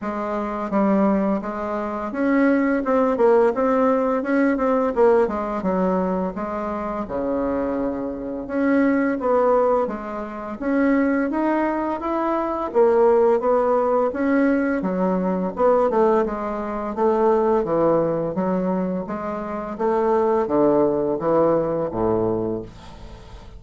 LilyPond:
\new Staff \with { instrumentName = "bassoon" } { \time 4/4 \tempo 4 = 85 gis4 g4 gis4 cis'4 | c'8 ais8 c'4 cis'8 c'8 ais8 gis8 | fis4 gis4 cis2 | cis'4 b4 gis4 cis'4 |
dis'4 e'4 ais4 b4 | cis'4 fis4 b8 a8 gis4 | a4 e4 fis4 gis4 | a4 d4 e4 a,4 | }